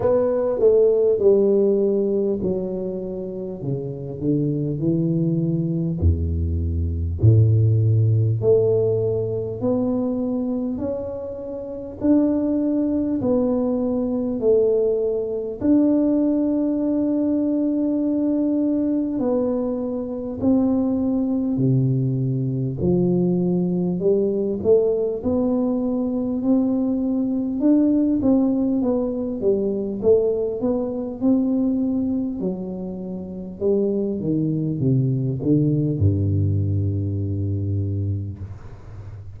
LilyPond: \new Staff \with { instrumentName = "tuba" } { \time 4/4 \tempo 4 = 50 b8 a8 g4 fis4 cis8 d8 | e4 e,4 a,4 a4 | b4 cis'4 d'4 b4 | a4 d'2. |
b4 c'4 c4 f4 | g8 a8 b4 c'4 d'8 c'8 | b8 g8 a8 b8 c'4 fis4 | g8 dis8 c8 d8 g,2 | }